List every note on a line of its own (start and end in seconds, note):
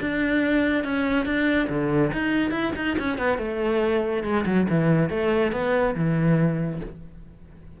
0.00 0.84 D4
0.84 1.25 C#4
1.25 1.68 D4
1.69 2.12 D3
2.13 2.50 D#4
2.50 2.72 E4
2.76 2.97 D#4
2.98 3.18 C#4
3.18 3.38 B3
3.38 4.23 A3
4.23 4.44 G#3
4.45 4.67 F#3
4.69 5.09 E3
5.09 5.52 A3
5.52 5.94 B3
5.95 6.80 E3